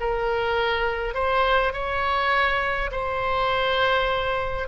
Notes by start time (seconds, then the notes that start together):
0.00 A#4
1.14 C5
1.73 C#5
2.91 C5